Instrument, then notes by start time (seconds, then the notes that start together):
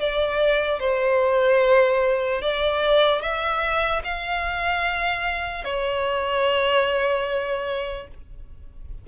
violin
0.00 D5
0.80 C5
2.42 D5
3.22 E5
4.04 F5
5.65 C#5